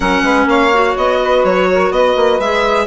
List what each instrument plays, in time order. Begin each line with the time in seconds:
0.00 bassoon F#3, clarinet C#4, saxophone A#4, violin F#5
0.22 bassoon G#3, saxophone B4
0.45 bassoon A#3, saxophone C#5, violin F5
0.73 clarinet F#4
0.97 bassoon B3, violin D#5
1.22 saxophone B4
1.44 bassoon F#3, violin C#5
1.73 saxophone A#4
1.90 bassoon B3, saxophone B4, violin D#5
2.16 bassoon A#3
2.39 bassoon G#3, clarinet G#4, violin E5